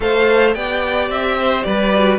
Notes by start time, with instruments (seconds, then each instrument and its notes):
0.00 cello A3, viola A4, violin C5 F5
0.54 cello B3, viola G4, violin D5 G5
1.09 cello C4, violin E5
1.39 violin C5
1.63 cello G3, violin B4 D5
1.94 viola F#4